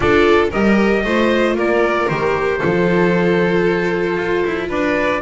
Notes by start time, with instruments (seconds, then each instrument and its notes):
0.00 double bass D4, viola F4, violin A4, trumpet D5
0.50 double bass G3, viola G4, violin A#4, trumpet D#5
1.04 double bass A3, viola F4, violin C5
1.55 double bass A#3, violin A#4, trumpet D5
2.09 double bass D#3, viola G4, trumpet C5
2.57 viola F4, violin A4
2.64 double bass F3
4.17 double bass F4
4.45 double bass E4
4.68 double bass D4, violin B4, trumpet D5